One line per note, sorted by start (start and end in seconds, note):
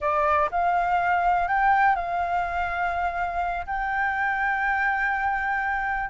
0.00 0.49 D5
0.51 1.47 F5
1.47 1.95 G5
1.95 3.66 F5
3.66 6.09 G5